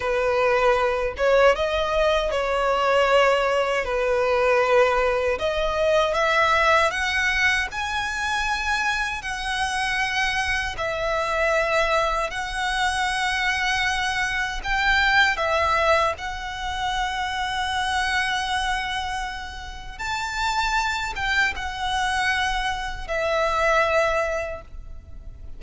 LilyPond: \new Staff \with { instrumentName = "violin" } { \time 4/4 \tempo 4 = 78 b'4. cis''8 dis''4 cis''4~ | cis''4 b'2 dis''4 | e''4 fis''4 gis''2 | fis''2 e''2 |
fis''2. g''4 | e''4 fis''2.~ | fis''2 a''4. g''8 | fis''2 e''2 | }